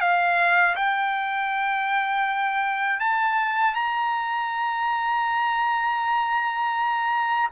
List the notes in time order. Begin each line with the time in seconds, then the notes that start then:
0.00 F5
0.75 G5
2.99 A5
3.74 A#5